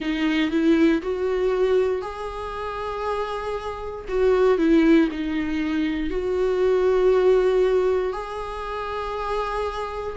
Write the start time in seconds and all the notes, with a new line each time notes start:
0.00 D#4
0.50 E4
1.02 F#4
2.01 G#4
4.08 F#4
4.58 E4
5.11 D#4
6.10 F#4
8.12 G#4